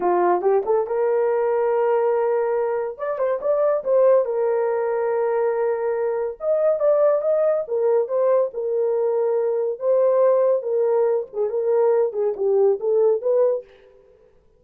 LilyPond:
\new Staff \with { instrumentName = "horn" } { \time 4/4 \tempo 4 = 141 f'4 g'8 a'8 ais'2~ | ais'2. d''8 c''8 | d''4 c''4 ais'2~ | ais'2. dis''4 |
d''4 dis''4 ais'4 c''4 | ais'2. c''4~ | c''4 ais'4. gis'8 ais'4~ | ais'8 gis'8 g'4 a'4 b'4 | }